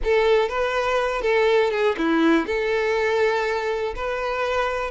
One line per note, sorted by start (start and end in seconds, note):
0.04 0.49 A4
0.49 1.21 B4
1.21 1.71 A4
1.71 1.95 G#4
1.97 2.46 E4
2.46 3.94 A4
3.95 4.90 B4